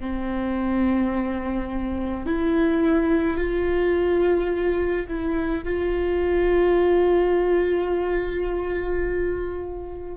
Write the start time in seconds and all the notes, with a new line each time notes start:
0.00 C4
2.26 E4
3.38 F4
5.08 E4
5.64 F4